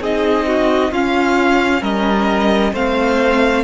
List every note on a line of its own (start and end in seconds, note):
0.00 0.91 C4
0.00 0.93 D#4
0.00 0.46 G#4
0.00 0.93 D#5
0.47 0.92 F#4
0.92 1.82 C#4
0.92 2.75 C#4
0.92 1.81 F4
0.92 1.83 F5
1.81 2.73 G3
1.81 2.72 A#4
1.81 2.74 D#5
2.73 3.64 A3
2.73 3.64 C4
2.73 3.64 C5
2.73 3.64 F5